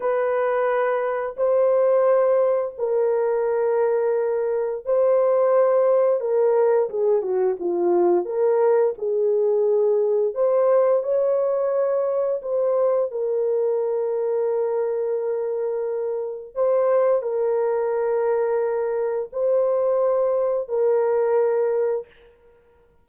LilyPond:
\new Staff \with { instrumentName = "horn" } { \time 4/4 \tempo 4 = 87 b'2 c''2 | ais'2. c''4~ | c''4 ais'4 gis'8 fis'8 f'4 | ais'4 gis'2 c''4 |
cis''2 c''4 ais'4~ | ais'1 | c''4 ais'2. | c''2 ais'2 | }